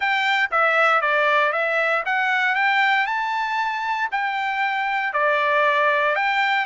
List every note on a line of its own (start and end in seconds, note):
0.00 0.50 G5
0.51 1.01 E5
1.01 1.52 D5
1.52 2.03 E5
2.05 2.55 F#5
2.55 3.06 G5
3.06 4.09 A5
4.11 5.13 G5
5.13 6.15 D5
6.15 6.65 G5